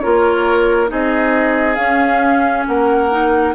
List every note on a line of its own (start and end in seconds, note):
0.00 0.92 A#3
0.00 0.88 F4
0.00 0.91 A#4
0.00 0.88 C#5
0.88 1.78 C4
0.88 1.76 D#4
0.88 2.68 G#4
0.88 1.76 D#5
1.76 2.66 C#4
1.76 3.11 C#4
1.76 2.64 F5
2.67 3.55 A#3
2.67 3.55 A#4
2.67 3.55 F#5
3.11 3.55 D#4